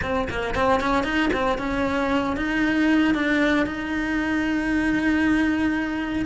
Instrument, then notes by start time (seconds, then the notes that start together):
cello
0.02 C4
0.29 A#3
0.54 C4
0.80 C#4
1.03 D#4
1.33 C4
1.58 C#4
2.36 D#4
3.14 D4
3.65 D#4